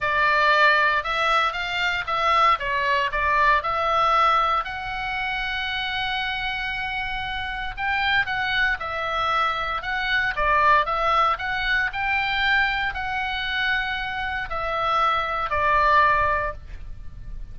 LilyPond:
\new Staff \with { instrumentName = "oboe" } { \time 4/4 \tempo 4 = 116 d''2 e''4 f''4 | e''4 cis''4 d''4 e''4~ | e''4 fis''2.~ | fis''2. g''4 |
fis''4 e''2 fis''4 | d''4 e''4 fis''4 g''4~ | g''4 fis''2. | e''2 d''2 | }